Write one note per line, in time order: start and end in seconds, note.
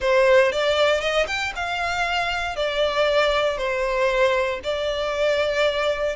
0.00 0.52 C5
0.52 1.00 D5
1.00 1.26 D#5
1.27 1.52 G5
1.55 2.55 F5
2.55 3.57 D5
3.57 4.60 C5
4.63 6.16 D5